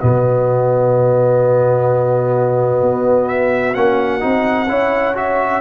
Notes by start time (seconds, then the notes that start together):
0.00 B2 B3 F#4 D#5
2.82 B3
3.29 E5
3.75 A#3 C#4 F#5
4.21 C4 D#4
4.69 C#4 E4 C#5
5.15 F#4 E5